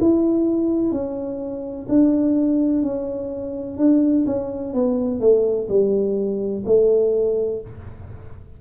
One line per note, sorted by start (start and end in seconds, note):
0.00 0.91 E4
0.91 1.87 C#4
1.88 2.83 D4
2.83 3.77 C#4
3.77 4.25 D4
4.26 4.74 C#4
4.74 5.20 B3
5.20 5.68 A3
5.68 6.64 G3
6.65 7.61 A3